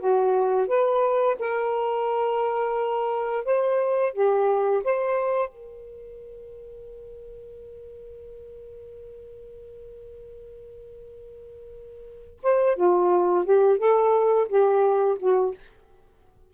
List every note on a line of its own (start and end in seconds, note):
0.00 0.68 F#4
0.68 1.37 B4
1.40 3.45 A#4
3.45 4.14 C5
4.14 4.83 G4
4.85 5.50 C5
5.50 12.39 A#4
12.43 12.76 C5
12.76 13.45 F4
13.45 13.79 G4
13.79 14.48 A4
14.49 15.18 G4
15.19 15.54 F#4